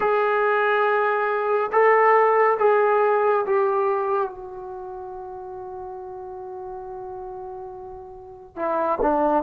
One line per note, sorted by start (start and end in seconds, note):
0.00 1.71 G#4
1.71 2.57 A4
2.59 3.45 G#4
3.46 4.29 G4
4.29 8.56 F#4
8.56 8.98 E4
9.01 9.43 D4